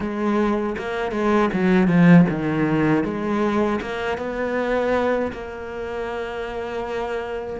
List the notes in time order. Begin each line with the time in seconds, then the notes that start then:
0.00 G#3
0.78 A#3
1.12 G#3
1.53 F#3
1.87 F3
2.29 D#3
3.04 G#3
3.81 A#3
4.17 B3
5.32 A#3